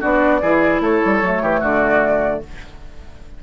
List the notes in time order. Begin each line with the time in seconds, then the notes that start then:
0.00 B3 D4 F#4 D5
0.41 E3 E4 G#4
0.80 A3 A4 C#5
1.05 G3
1.22 F#3 A3
1.41 E3 G4
1.60 D3 F#4 D5